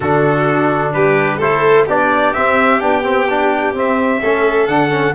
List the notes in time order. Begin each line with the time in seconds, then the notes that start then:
0.00 D3 D4 F#4 A4
0.93 G3 G4 B4
1.37 A3 E4 A4 C5
1.86 B3 D4 G4 D5
2.33 C4 E5
2.80 B3 D4 G5
3.03 C4
3.29 D4
3.74 C4 E5
4.21 A3 C#4 A4
4.67 D3 D4 F#5
4.90 C#4